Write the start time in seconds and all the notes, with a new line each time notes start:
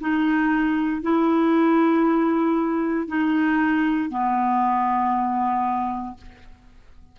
0.00 D#4
1.02 E4
3.07 D#4
4.10 B3